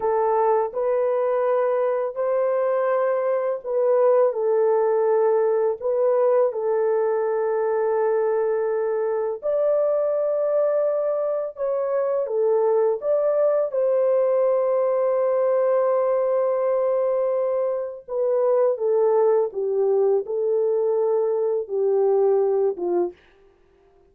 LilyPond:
\new Staff \with { instrumentName = "horn" } { \time 4/4 \tempo 4 = 83 a'4 b'2 c''4~ | c''4 b'4 a'2 | b'4 a'2.~ | a'4 d''2. |
cis''4 a'4 d''4 c''4~ | c''1~ | c''4 b'4 a'4 g'4 | a'2 g'4. f'8 | }